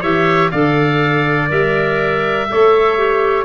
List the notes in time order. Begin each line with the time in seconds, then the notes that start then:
0.00 E3 G4 C#5 E5
0.51 D3 A4 D5 F5
1.49 G3 A#4 E5
2.50 A3 A4 C#5
2.98 G4